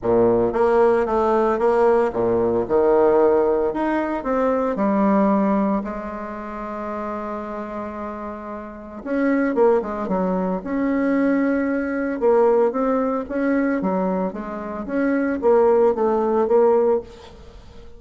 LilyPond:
\new Staff \with { instrumentName = "bassoon" } { \time 4/4 \tempo 4 = 113 ais,4 ais4 a4 ais4 | ais,4 dis2 dis'4 | c'4 g2 gis4~ | gis1~ |
gis4 cis'4 ais8 gis8 fis4 | cis'2. ais4 | c'4 cis'4 fis4 gis4 | cis'4 ais4 a4 ais4 | }